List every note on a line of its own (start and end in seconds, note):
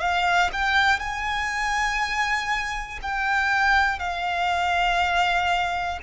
0.00 0.50 F5
0.52 1.00 G5
1.00 3.00 G#5
3.02 3.99 G5
3.99 5.99 F5